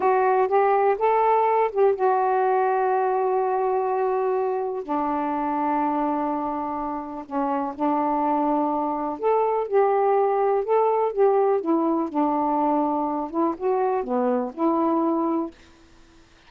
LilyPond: \new Staff \with { instrumentName = "saxophone" } { \time 4/4 \tempo 4 = 124 fis'4 g'4 a'4. g'8 | fis'1~ | fis'2 d'2~ | d'2. cis'4 |
d'2. a'4 | g'2 a'4 g'4 | e'4 d'2~ d'8 e'8 | fis'4 b4 e'2 | }